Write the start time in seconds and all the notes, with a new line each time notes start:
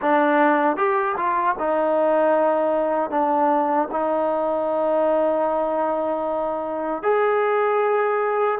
0.01 D4
0.76 G4
1.16 F4
1.58 D#4
3.10 D4
3.91 D#4
7.02 G#4